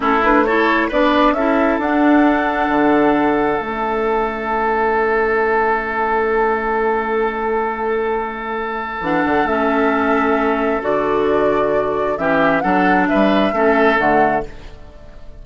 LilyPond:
<<
  \new Staff \with { instrumentName = "flute" } { \time 4/4 \tempo 4 = 133 a'8 b'8 cis''4 d''4 e''4 | fis''1 | e''1~ | e''1~ |
e''1 | fis''4 e''2. | d''2. e''4 | fis''4 e''2 fis''4 | }
  \new Staff \with { instrumentName = "oboe" } { \time 4/4 e'4 a'4 b'4 a'4~ | a'1~ | a'1~ | a'1~ |
a'1~ | a'1~ | a'2. g'4 | a'4 b'4 a'2 | }
  \new Staff \with { instrumentName = "clarinet" } { \time 4/4 cis'8 d'8 e'4 d'4 e'4 | d'1 | cis'1~ | cis'1~ |
cis'1 | d'4 cis'2. | fis'2. cis'4 | d'2 cis'4 a4 | }
  \new Staff \with { instrumentName = "bassoon" } { \time 4/4 a2 b4 cis'4 | d'2 d2 | a1~ | a1~ |
a1 | e8 d8 a2. | d2. e4 | fis4 g4 a4 d4 | }
>>